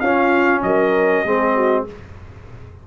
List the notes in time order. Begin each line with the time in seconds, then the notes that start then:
0.00 C#4 F4 F5
0.62 F#3 A#4 D#5
1.25 G#3 C4 G#4
1.55 F#4